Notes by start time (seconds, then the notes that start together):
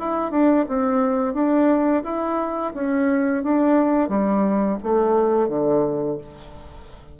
0.00 E4
0.32 D4
0.69 C4
1.34 D4
2.04 E4
2.75 C#4
3.44 D4
4.09 G3
4.83 A3
5.49 D3